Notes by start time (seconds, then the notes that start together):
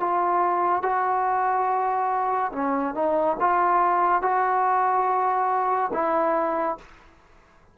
0.00 F4
0.82 F#4
2.52 C#4
2.94 D#4
3.40 F4
4.22 F#4
5.93 E4